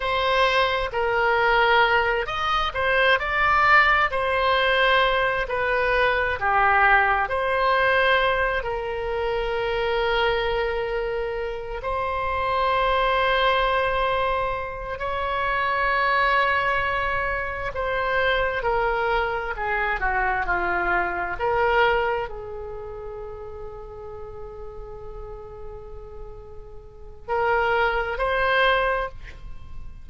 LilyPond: \new Staff \with { instrumentName = "oboe" } { \time 4/4 \tempo 4 = 66 c''4 ais'4. dis''8 c''8 d''8~ | d''8 c''4. b'4 g'4 | c''4. ais'2~ ais'8~ | ais'4 c''2.~ |
c''8 cis''2. c''8~ | c''8 ais'4 gis'8 fis'8 f'4 ais'8~ | ais'8 gis'2.~ gis'8~ | gis'2 ais'4 c''4 | }